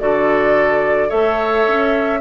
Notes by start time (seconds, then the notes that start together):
0.00 D3 F#4 A4 D5
1.09 A3 A4 C#5 E5
1.67 C#4